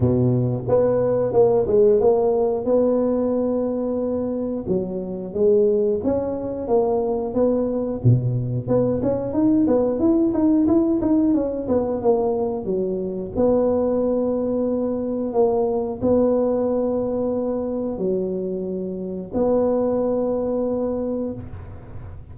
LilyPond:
\new Staff \with { instrumentName = "tuba" } { \time 4/4 \tempo 4 = 90 b,4 b4 ais8 gis8 ais4 | b2. fis4 | gis4 cis'4 ais4 b4 | b,4 b8 cis'8 dis'8 b8 e'8 dis'8 |
e'8 dis'8 cis'8 b8 ais4 fis4 | b2. ais4 | b2. fis4~ | fis4 b2. | }